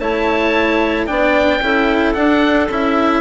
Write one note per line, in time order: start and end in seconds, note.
0.00 1.08 A3
0.00 1.07 E4
0.00 1.07 C#5
0.00 1.07 A5
1.07 1.61 B3
1.07 1.61 D4
1.07 1.61 D5
1.07 2.14 G5
1.61 2.15 C#4
1.61 2.15 E4
1.61 3.21 A4
2.14 2.69 D4
2.14 2.68 F#5
2.69 3.21 C#4
2.69 3.21 E4
2.69 3.21 E5